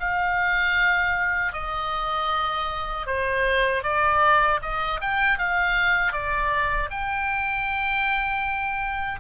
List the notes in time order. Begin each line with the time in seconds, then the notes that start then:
0.00 F5
1.53 D#5
3.07 C5
3.84 D5
4.62 D#5
5.01 G5
5.38 F5
6.13 D5
6.91 G5